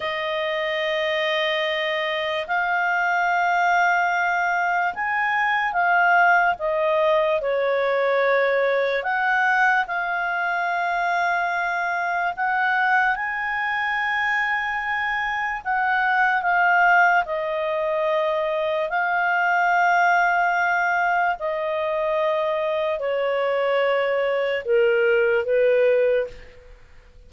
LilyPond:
\new Staff \with { instrumentName = "clarinet" } { \time 4/4 \tempo 4 = 73 dis''2. f''4~ | f''2 gis''4 f''4 | dis''4 cis''2 fis''4 | f''2. fis''4 |
gis''2. fis''4 | f''4 dis''2 f''4~ | f''2 dis''2 | cis''2 ais'4 b'4 | }